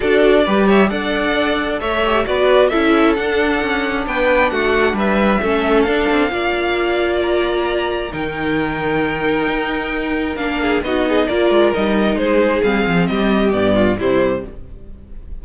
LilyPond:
<<
  \new Staff \with { instrumentName = "violin" } { \time 4/4 \tempo 4 = 133 d''4. e''8 fis''2 | e''4 d''4 e''4 fis''4~ | fis''4 g''4 fis''4 e''4~ | e''4 f''2. |
ais''2 g''2~ | g''2. f''4 | dis''4 d''4 dis''4 c''4 | f''4 dis''4 d''4 c''4 | }
  \new Staff \with { instrumentName = "violin" } { \time 4/4 a'4 b'8 cis''8 d''2 | cis''4 b'4 a'2~ | a'4 b'4 fis'4 b'4 | a'2 d''2~ |
d''2 ais'2~ | ais'2.~ ais'8 gis'8 | fis'8 gis'8 ais'2 gis'4~ | gis'4 g'4. f'8 e'4 | }
  \new Staff \with { instrumentName = "viola" } { \time 4/4 fis'4 g'4 a'2~ | a'8 g'8 fis'4 e'4 d'4~ | d'1 | cis'4 d'4 f'2~ |
f'2 dis'2~ | dis'2. d'4 | dis'4 f'4 dis'2 | c'2 b4 g4 | }
  \new Staff \with { instrumentName = "cello" } { \time 4/4 d'4 g4 d'2 | a4 b4 cis'4 d'4 | cis'4 b4 a4 g4 | a4 d'8 c'8 ais2~ |
ais2 dis2~ | dis4 dis'2 ais4 | b4 ais8 gis8 g4 gis4 | g8 f8 g4 g,4 c4 | }
>>